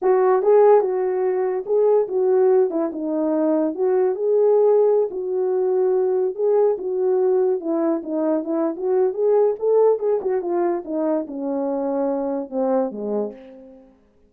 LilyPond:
\new Staff \with { instrumentName = "horn" } { \time 4/4 \tempo 4 = 144 fis'4 gis'4 fis'2 | gis'4 fis'4. e'8 dis'4~ | dis'4 fis'4 gis'2~ | gis'16 fis'2. gis'8.~ |
gis'16 fis'2 e'4 dis'8.~ | dis'16 e'8. fis'4 gis'4 a'4 | gis'8 fis'8 f'4 dis'4 cis'4~ | cis'2 c'4 gis4 | }